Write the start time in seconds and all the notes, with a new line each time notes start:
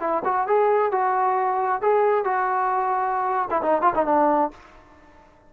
0.00 E4
0.24 F#4
0.47 G#4
0.91 F#4
1.81 G#4
2.25 F#4
3.50 E4
3.62 D#4
3.82 F4
3.95 D#4
4.06 D4